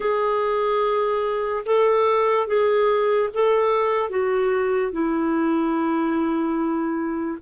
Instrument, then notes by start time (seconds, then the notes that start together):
clarinet
0.00 G#4
1.65 A4
2.47 G#4
3.33 A4
4.09 F#4
4.92 E4